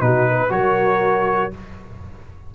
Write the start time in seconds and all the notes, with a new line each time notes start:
0.00 B2 D#4 F#4 B4
0.29 B4
0.49 F#3 F#4 A#4 C#5